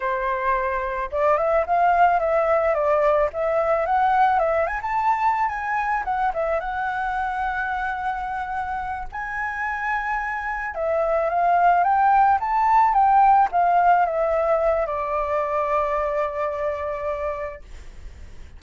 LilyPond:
\new Staff \with { instrumentName = "flute" } { \time 4/4 \tempo 4 = 109 c''2 d''8 e''8 f''4 | e''4 d''4 e''4 fis''4 | e''8 gis''16 a''4~ a''16 gis''4 fis''8 e''8 | fis''1~ |
fis''8 gis''2. e''8~ | e''8 f''4 g''4 a''4 g''8~ | g''8 f''4 e''4. d''4~ | d''1 | }